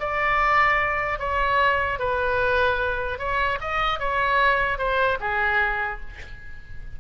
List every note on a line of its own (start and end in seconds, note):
0.00 1.19 D5
1.19 1.99 C#5
1.99 3.19 B4
3.19 3.59 C#5
3.61 4.00 D#5
4.00 4.78 C#5
4.78 5.18 C5
5.21 6.01 G#4